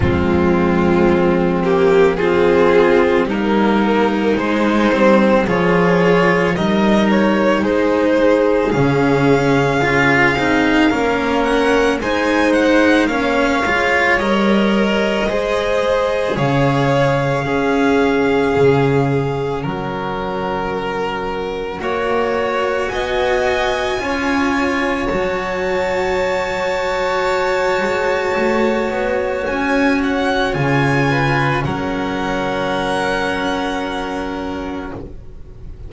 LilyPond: <<
  \new Staff \with { instrumentName = "violin" } { \time 4/4 \tempo 4 = 55 f'4. g'8 gis'4 ais'4 | c''4 cis''4 dis''8 cis''8 c''4 | f''2~ f''8 fis''8 gis''8 fis''8 | f''4 dis''2 f''4~ |
f''2 fis''2~ | fis''4 gis''2 a''4~ | a''2. gis''8 fis''8 | gis''4 fis''2. | }
  \new Staff \with { instrumentName = "violin" } { \time 4/4 c'2 f'4 dis'4~ | dis'4 gis'4 ais'4 gis'4~ | gis'2 ais'4 c''4 | cis''2 c''4 cis''4 |
gis'2 ais'2 | cis''4 dis''4 cis''2~ | cis''1~ | cis''8 b'8 ais'2. | }
  \new Staff \with { instrumentName = "cello" } { \time 4/4 gis4. ais8 c'4 ais4 | gis8 c'8 f'4 dis'2 | cis'4 f'8 dis'8 cis'4 dis'4 | cis'8 f'8 ais'4 gis'2 |
cis'1 | fis'2 f'4 fis'4~ | fis'1 | f'4 cis'2. | }
  \new Staff \with { instrumentName = "double bass" } { \time 4/4 f2. g4 | gis8 g8 f4 g4 gis4 | cis4 cis'8 c'8 ais4 gis4 | ais8 gis8 g4 gis4 cis4 |
cis'4 cis4 fis2 | ais4 b4 cis'4 fis4~ | fis4. gis8 a8 b8 cis'4 | cis4 fis2. | }
>>